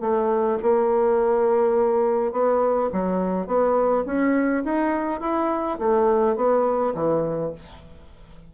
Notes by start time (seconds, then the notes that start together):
0.00 A3
0.62 A#3
2.32 B3
2.92 F#3
3.47 B3
4.06 C#4
4.64 D#4
5.20 E4
5.78 A3
6.36 B3
6.94 E3